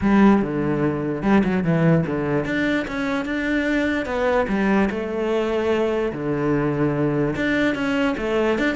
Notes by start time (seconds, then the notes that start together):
0.01 G3
0.42 D3
1.22 G3
1.43 F#3
1.64 E3
2.06 D3
2.45 D4
2.87 C#4
3.25 D4
4.05 B3
4.48 G3
4.90 A3
6.12 D3
7.36 D4
7.74 C#4
8.17 A3
8.58 D4